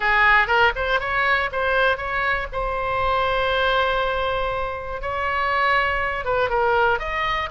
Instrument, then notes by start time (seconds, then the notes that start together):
oboe
0.00 G#4
0.47 A#4
0.75 C5
1.00 C#5
1.52 C5
1.97 C#5
2.52 C5
5.01 C#5
6.24 B4
6.49 A#4
6.99 D#5